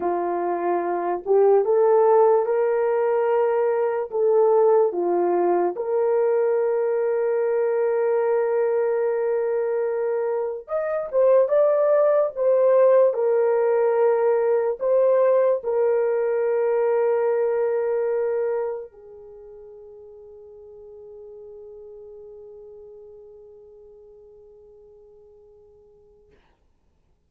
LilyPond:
\new Staff \with { instrumentName = "horn" } { \time 4/4 \tempo 4 = 73 f'4. g'8 a'4 ais'4~ | ais'4 a'4 f'4 ais'4~ | ais'1~ | ais'4 dis''8 c''8 d''4 c''4 |
ais'2 c''4 ais'4~ | ais'2. gis'4~ | gis'1~ | gis'1 | }